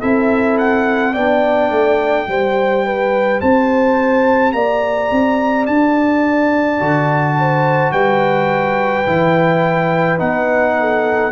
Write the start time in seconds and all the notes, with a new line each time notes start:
0.00 C4 E4 A4 E5
0.57 F#5
1.13 B3 D4 D5 G5
1.70 A3
2.26 G3 G4 C5
2.86 B4
3.40 C4 C5 A5
4.52 A#3 D5 A#5
5.11 C4
5.66 D4 A5
6.79 D3 F#4
7.38 C5
7.92 G3 B4 G5
9.06 E3 E4
10.18 B3 D#4 F#5
10.79 A4